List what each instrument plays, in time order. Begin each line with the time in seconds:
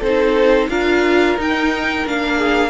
0.00 cello C4, viola D#4, violin A4 C5
0.69 cello D4, viola F4, violin A#4 F5
1.38 viola D#4, cello D#4, violin G5
2.06 cello A#3, viola D4, violin F5
2.38 violin G#4